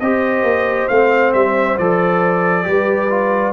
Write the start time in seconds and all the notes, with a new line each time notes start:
0.00 C4 G4 C5 D#5
0.43 A#3
0.88 A3 C4 F5
1.33 G3 E5
1.78 F3 A4 D5
2.63 G3 G4 B4
3.10 F4